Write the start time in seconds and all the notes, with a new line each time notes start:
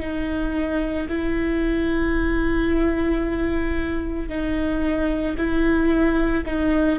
0.00 D#4
1.09 E4
4.29 D#4
5.37 E4
6.45 D#4